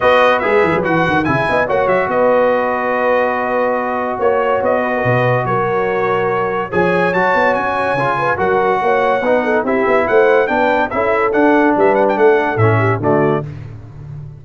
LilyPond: <<
  \new Staff \with { instrumentName = "trumpet" } { \time 4/4 \tempo 4 = 143 dis''4 e''4 fis''4 gis''4 | fis''8 e''8 dis''2.~ | dis''2 cis''4 dis''4~ | dis''4 cis''2. |
gis''4 a''4 gis''2 | fis''2. e''4 | fis''4 g''4 e''4 fis''4 | e''8 fis''16 g''16 fis''4 e''4 d''4 | }
  \new Staff \with { instrumentName = "horn" } { \time 4/4 b'2. e''8 dis''8 | cis''4 b'2.~ | b'2 cis''4. b'16 ais'16 | b'4 ais'2. |
cis''2.~ cis''8 b'8 | ais'4 cis''4 b'8 a'8 g'4 | c''4 b'4 a'2 | b'4 a'4. g'8 fis'4 | }
  \new Staff \with { instrumentName = "trombone" } { \time 4/4 fis'4 gis'4 fis'4 e'4 | fis'1~ | fis'1~ | fis'1 |
gis'4 fis'2 f'4 | fis'2 dis'4 e'4~ | e'4 d'4 e'4 d'4~ | d'2 cis'4 a4 | }
  \new Staff \with { instrumentName = "tuba" } { \time 4/4 b4 gis8 e16 fis16 e8 dis8 cis8 b8 | ais8 fis8 b2.~ | b2 ais4 b4 | b,4 fis2. |
f4 fis8 b8 cis'4 cis4 | fis4 ais4 b4 c'8 b8 | a4 b4 cis'4 d'4 | g4 a4 a,4 d4 | }
>>